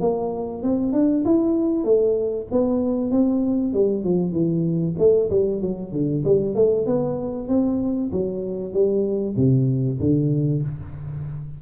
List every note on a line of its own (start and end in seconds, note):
0.00 0.62 A#3
0.62 0.92 C4
0.92 1.24 D4
1.25 1.84 E4
1.84 2.47 A3
2.51 3.11 B3
3.11 3.73 C4
3.73 4.04 G3
4.04 4.32 F3
4.32 4.95 E3
4.98 5.30 A3
5.30 5.61 G3
5.61 5.92 F#3
5.92 6.23 D3
6.24 6.55 G3
6.55 6.86 A3
6.86 7.48 B3
7.48 8.11 C4
8.12 8.73 F#3
8.73 9.35 G3
9.36 9.99 C3
9.99 10.62 D3